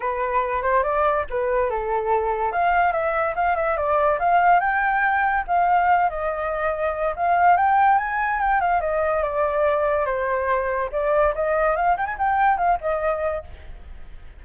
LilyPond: \new Staff \with { instrumentName = "flute" } { \time 4/4 \tempo 4 = 143 b'4. c''8 d''4 b'4 | a'2 f''4 e''4 | f''8 e''8 d''4 f''4 g''4~ | g''4 f''4. dis''4.~ |
dis''4 f''4 g''4 gis''4 | g''8 f''8 dis''4 d''2 | c''2 d''4 dis''4 | f''8 g''16 gis''16 g''4 f''8 dis''4. | }